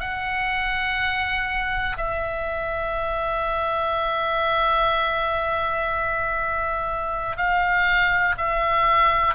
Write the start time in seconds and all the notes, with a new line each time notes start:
0.00 F#5
1.97 E5
7.36 F5
8.37 E5